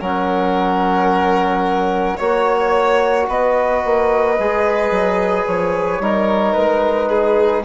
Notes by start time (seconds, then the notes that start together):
0.00 F#3 C#4 A#4 F#5
2.17 A#3 F#4 C#5
3.28 B3 B4 D#5
3.85 A#3
4.39 G#3 G#4
4.91 F#3
5.46 F3 C#5
6.00 G3 D#4 A#4
6.53 G#3 B4
7.09 G#4